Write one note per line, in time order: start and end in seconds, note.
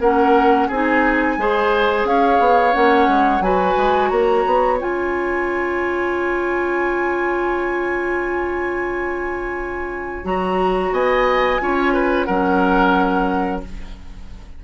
0.00 0.68 A#3
0.00 0.72 C#4
0.00 0.68 A#4
0.00 0.69 F#5
0.68 1.37 C4
0.68 1.39 D#4
0.68 1.36 G#4
0.68 2.07 G#5
1.37 2.04 G#3
1.37 2.73 G#4
1.37 2.08 C5
2.04 2.38 C#4
2.04 3.44 C#5
2.04 2.74 F5
2.39 2.73 B3
2.73 3.08 A#3
2.73 3.41 C#4
2.73 3.42 F#5
3.08 3.40 G#3
3.40 3.75 F#3
3.40 4.79 F#4
3.40 4.10 B4
3.40 4.09 G#5
3.77 4.11 G#3
4.09 4.45 A#3
4.09 10.92 C#5
4.09 4.77 A#5
4.46 4.80 B3
4.79 10.24 C#4
4.79 10.24 F4
4.79 10.26 G#5
10.24 10.92 F#3
10.24 11.60 F#4
10.24 10.93 A#5
10.92 11.60 B3
10.92 11.61 D#5
10.92 12.24 G#5
11.60 12.28 C#4
11.60 12.28 F4
11.60 11.94 C#5
11.94 12.26 B4
12.24 13.64 F#3
12.24 13.64 C#4
12.24 13.62 A#4
12.24 13.61 F#5